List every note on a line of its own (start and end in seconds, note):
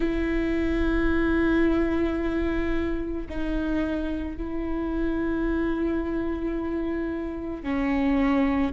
0.00 3.27 E4
3.29 4.37 D#4
4.37 7.63 E4
7.63 8.72 C#4